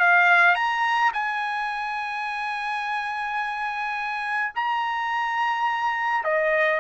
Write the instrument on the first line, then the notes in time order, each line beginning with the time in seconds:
trumpet
0.00 F5
0.56 A#5
1.14 G#5
4.56 A#5
6.24 D#5